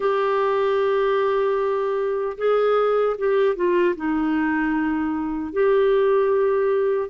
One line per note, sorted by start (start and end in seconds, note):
0.00 2.37 G4
2.37 3.16 G#4
3.18 3.55 G4
3.55 3.95 F4
3.95 5.53 D#4
5.53 7.09 G4